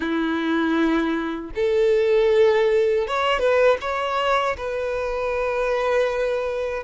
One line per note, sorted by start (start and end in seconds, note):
0.00 1.51 E4
1.55 3.07 A4
3.07 3.39 C#5
3.39 3.77 B4
3.80 4.56 C#5
4.57 6.83 B4